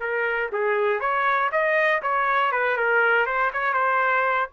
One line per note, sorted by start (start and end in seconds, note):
0.00 0.50 A#4
0.52 1.00 G#4
1.00 1.50 C#5
1.52 2.02 D#5
2.02 2.52 C#5
2.52 2.77 B4
2.77 3.26 A#4
3.26 3.51 C5
3.53 3.74 C#5
3.74 4.49 C5